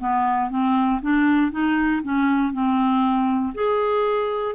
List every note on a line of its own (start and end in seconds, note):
0.00 0.50 B3
0.50 1.01 C4
1.02 1.51 D4
1.51 2.02 D#4
2.03 2.53 C#4
2.53 3.54 C4
3.55 4.55 G#4